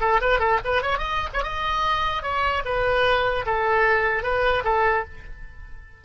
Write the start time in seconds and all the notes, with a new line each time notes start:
0.00 A4
0.21 B4
0.39 A4
0.64 B4
0.82 C#5
0.98 D#5
1.33 C#5
1.43 D#5
2.22 C#5
2.64 B4
3.45 A4
4.23 B4
4.64 A4